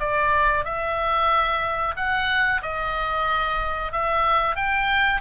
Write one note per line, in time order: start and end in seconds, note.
0.00 0.65 D5
0.65 1.95 E5
1.96 2.61 F#5
2.62 3.92 D#5
3.92 4.56 E5
4.56 5.21 G5